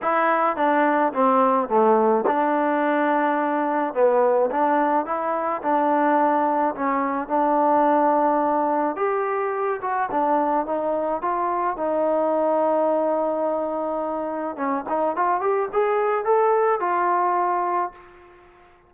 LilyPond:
\new Staff \with { instrumentName = "trombone" } { \time 4/4 \tempo 4 = 107 e'4 d'4 c'4 a4 | d'2. b4 | d'4 e'4 d'2 | cis'4 d'2. |
g'4. fis'8 d'4 dis'4 | f'4 dis'2.~ | dis'2 cis'8 dis'8 f'8 g'8 | gis'4 a'4 f'2 | }